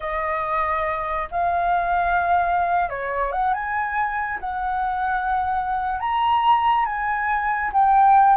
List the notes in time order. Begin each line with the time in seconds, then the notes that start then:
0.00 D#5
1.31 F5
2.89 C#5
3.32 F#5
3.53 G#5
4.39 F#5
6.00 A#5
6.85 G#5
7.72 G5